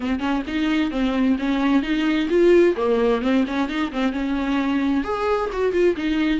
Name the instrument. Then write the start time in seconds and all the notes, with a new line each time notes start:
viola
0.00 C4
0.19 C#4
0.47 D#4
0.90 C4
1.39 C#4
1.82 D#4
2.29 F4
2.76 A#3
3.21 C4
3.47 C#4
3.68 D#4
3.91 C4
4.12 C#4
5.04 G#4
5.52 F#4
5.72 F4
5.96 D#4